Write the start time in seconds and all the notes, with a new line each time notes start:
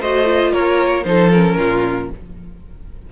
0.00 A3 F#4 C5 D#5
0.25 F4
0.53 A#3 A#4 C#5
1.05 F3 D#4 A4 C5
1.31 C#4 A#4
1.57 A#2 F4